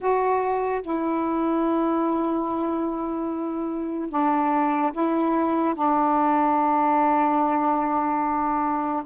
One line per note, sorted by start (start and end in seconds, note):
0.00 0.81 F#4
0.81 4.09 E4
4.09 4.92 D4
4.92 5.74 E4
5.74 9.03 D4